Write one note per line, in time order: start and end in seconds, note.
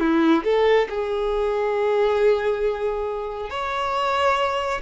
0.00 0.44 E4
0.44 0.88 A4
0.89 3.50 G#4
3.50 4.81 C#5